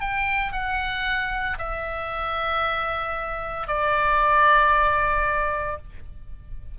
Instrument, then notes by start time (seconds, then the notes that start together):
oboe
0.00 G5
0.52 F#5
1.58 E5
3.67 D5